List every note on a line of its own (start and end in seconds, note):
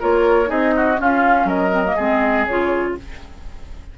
0.00 0.51 A#3
0.00 0.46 F4
0.00 0.49 A#4
0.00 0.51 C#5
0.46 0.99 C4
0.46 0.95 D#4
0.46 0.74 G#4
0.46 1.00 D#5
0.76 1.01 F#4
0.98 1.72 C#4
0.98 1.45 C#4
0.98 1.47 F4
0.98 1.49 F5
1.45 1.94 F#3
1.45 1.96 A#4
1.45 2.46 D#5
1.72 1.84 C4
1.85 1.97 A#3
1.96 2.47 G#3
1.96 2.48 C4
1.96 2.95 G#4
2.46 2.97 C#3
2.46 2.98 F4
2.46 2.95 C#5